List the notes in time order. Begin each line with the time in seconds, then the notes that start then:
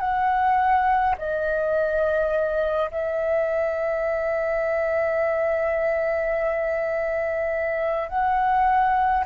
0.00 F#5
1.18 D#5
2.92 E5
8.09 F#5